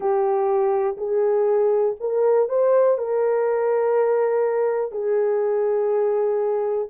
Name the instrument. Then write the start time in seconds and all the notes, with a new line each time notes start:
horn
0.00 G4
0.97 G#4
2.00 A#4
2.49 C5
2.98 A#4
4.91 G#4